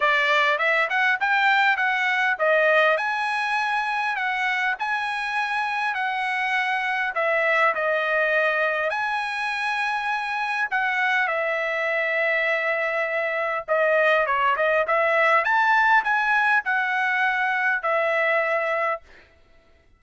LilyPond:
\new Staff \with { instrumentName = "trumpet" } { \time 4/4 \tempo 4 = 101 d''4 e''8 fis''8 g''4 fis''4 | dis''4 gis''2 fis''4 | gis''2 fis''2 | e''4 dis''2 gis''4~ |
gis''2 fis''4 e''4~ | e''2. dis''4 | cis''8 dis''8 e''4 a''4 gis''4 | fis''2 e''2 | }